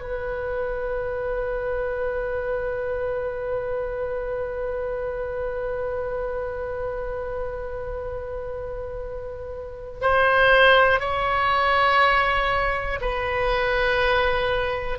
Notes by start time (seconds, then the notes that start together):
0.00 B4
10.01 C5
11.00 C#5
13.00 B4